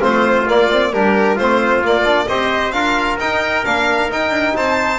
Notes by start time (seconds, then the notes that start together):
0.00 A3 C4 F4 C5
0.46 A#3 D5
0.70 C4
0.92 G3 D4 G4 A#4
1.35 A3 C4 F4 C5
1.81 A#3 D5
2.04 D4
2.27 C4 G4 C5 D#5
2.71 D4 F4 A#4 F5
3.19 D#4 G5
3.64 A#3 D4 F5
4.10 D#4 G5
4.30 D4
4.55 C4 C5 A5